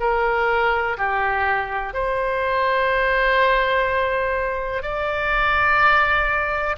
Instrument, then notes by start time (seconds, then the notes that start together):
oboe
0.00 A#4
0.98 G4
1.94 C5
4.82 D5